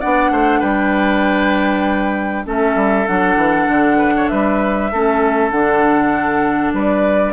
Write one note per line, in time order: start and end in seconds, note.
0.00 0.30 B3
0.00 2.45 D4
0.00 0.31 D5
0.00 0.61 F#5
0.30 0.61 A3
0.30 0.59 C5
0.59 2.45 G3
0.59 2.43 B4
0.59 2.45 G5
2.45 2.75 A3
2.45 3.06 C#4
2.45 3.97 A4
2.45 3.07 E5
2.75 3.05 G3
3.06 3.36 F#3
3.06 4.90 D4
3.06 4.27 F#5
3.36 3.67 E3
3.68 4.29 D3
3.97 4.12 B4
4.16 4.30 C#5
4.27 4.92 G3
4.27 4.91 B4
4.27 5.50 E5
4.91 5.51 A3
4.91 5.52 C#4
4.91 6.74 A4
5.50 6.73 D3
5.50 7.33 D4
5.50 6.73 F#5
6.73 7.33 G3
6.73 7.33 B4
6.73 7.33 D5